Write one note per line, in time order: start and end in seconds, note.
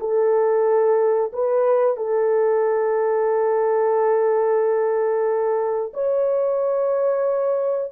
0.00 1.32 A4
1.33 1.97 B4
1.97 5.93 A4
5.94 7.92 C#5